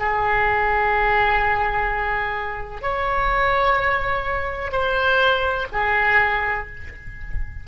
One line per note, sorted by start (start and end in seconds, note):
0.00 2.82 G#4
2.82 4.72 C#5
4.72 5.68 C5
5.73 6.68 G#4